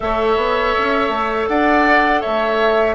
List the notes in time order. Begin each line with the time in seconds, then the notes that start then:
0.00 A3 A4 C#5 E5
0.36 B3
0.78 C#4
1.08 A3
1.47 D4 D5 F#5
2.20 A3 C#5 E5